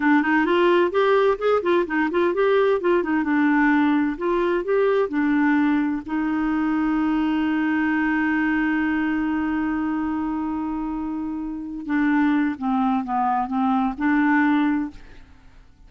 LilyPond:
\new Staff \with { instrumentName = "clarinet" } { \time 4/4 \tempo 4 = 129 d'8 dis'8 f'4 g'4 gis'8 f'8 | dis'8 f'8 g'4 f'8 dis'8 d'4~ | d'4 f'4 g'4 d'4~ | d'4 dis'2.~ |
dis'1~ | dis'1~ | dis'4. d'4. c'4 | b4 c'4 d'2 | }